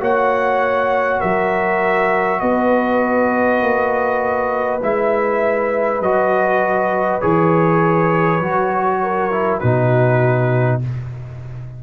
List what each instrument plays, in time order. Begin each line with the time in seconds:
0.00 tuba A#3, trombone F#4, horn C#5, trumpet F#5
1.20 tuba F#3, horn A#4, trumpet E5
2.40 tuba B3, horn B4, trumpet D#5
3.62 tuba A#3
4.83 tuba G#3, trombone E4, trumpet E5
6.01 tuba F#3, trombone F#4, trumpet D#5
7.21 tuba E3, trombone G#4, trumpet C#5
8.41 tuba F#3, trombone F#4
9.03 horn A#4
9.32 trombone E4
9.60 tuba B2, trombone D#4, horn F#4, trumpet B4